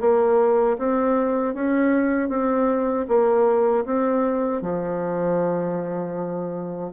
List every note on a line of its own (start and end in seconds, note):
0.00 0.77 A#3
0.78 1.54 C4
1.54 2.29 C#4
2.29 3.06 C4
3.08 3.85 A#3
3.85 4.62 C4
4.62 6.92 F3